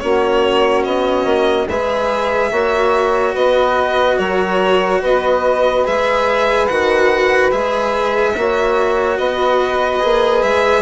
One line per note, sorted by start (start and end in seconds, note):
0.00 0.86 A#3
0.00 1.68 C#4
0.00 1.68 F#4
0.00 0.83 C#5
0.85 1.25 B3
0.85 1.68 D#5
1.25 1.67 A#3
1.68 2.52 G#3
1.68 2.53 G#4
1.68 2.51 B4
1.68 3.36 E5
2.51 3.35 A#3
2.51 5.85 F#4
2.51 3.34 C#5
3.34 4.19 B3
3.34 4.17 B4
3.34 4.18 D#5
4.18 5.02 F#3
4.18 5.01 A#4
4.18 5.02 C#5
5.01 5.87 B3
5.01 8.34 B4
5.01 5.87 D#5
5.85 6.70 G#3
5.85 6.69 G#4
5.85 6.67 E5
6.67 7.53 D#3
6.67 7.52 F#4
6.67 7.51 F#5
7.52 8.36 G#3
7.52 8.35 G#4
7.52 9.18 E5
8.37 9.20 A#3
8.37 10.01 F#4
8.37 9.18 C#5
9.18 10.03 B3
9.18 10.83 B4
9.18 10.43 D#5
10.01 10.44 A#3
10.01 10.83 G#4
10.43 10.83 G#3
10.43 10.83 E5